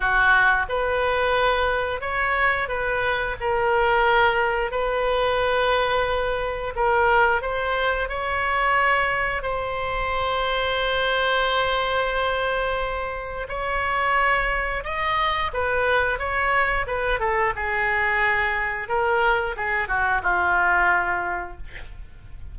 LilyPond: \new Staff \with { instrumentName = "oboe" } { \time 4/4 \tempo 4 = 89 fis'4 b'2 cis''4 | b'4 ais'2 b'4~ | b'2 ais'4 c''4 | cis''2 c''2~ |
c''1 | cis''2 dis''4 b'4 | cis''4 b'8 a'8 gis'2 | ais'4 gis'8 fis'8 f'2 | }